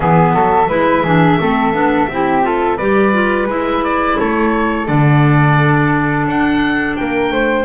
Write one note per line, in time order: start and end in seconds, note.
0.00 0.34 E3
0.00 0.67 B3
0.00 0.33 G#4
0.00 2.77 E5
0.33 0.69 F#3
0.33 0.68 A4
0.68 1.04 G#3
0.68 1.04 E4
0.68 1.03 B4
1.03 1.39 E3
1.03 1.40 D4
1.03 1.37 G#4
1.40 1.73 A3
1.40 1.73 C4
1.40 2.10 A4
1.73 2.08 B3
1.73 2.08 D4
2.08 2.78 C4
2.08 2.42 E4
2.08 2.46 G4
2.42 2.77 F4
2.42 2.77 A4
2.77 3.47 G3
2.77 3.12 G4
2.77 4.16 B4
2.77 3.47 D5
3.12 3.47 F4
3.47 4.16 G#3
3.47 4.86 E4
3.47 3.84 E5
3.84 4.18 D5
4.18 4.88 A3
4.18 6.98 A4
4.18 4.86 C#5
4.86 6.26 D3
4.86 7.65 D4
4.86 6.26 D5
6.26 6.96 D4
6.26 6.96 F#5
6.96 7.31 A#3
6.96 7.32 A#4
6.96 7.65 G5
7.31 7.65 A3
7.31 7.65 C5